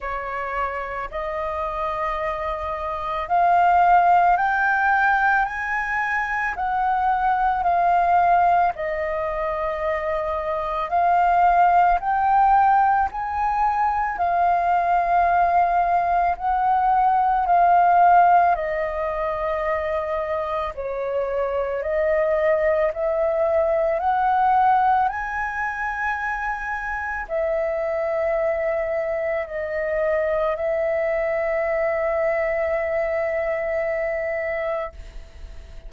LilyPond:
\new Staff \with { instrumentName = "flute" } { \time 4/4 \tempo 4 = 55 cis''4 dis''2 f''4 | g''4 gis''4 fis''4 f''4 | dis''2 f''4 g''4 | gis''4 f''2 fis''4 |
f''4 dis''2 cis''4 | dis''4 e''4 fis''4 gis''4~ | gis''4 e''2 dis''4 | e''1 | }